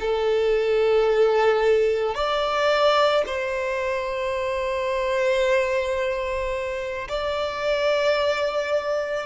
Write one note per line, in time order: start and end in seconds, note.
0.00 2.15 A4
2.15 3.24 D5
3.26 7.08 C5
7.08 9.26 D5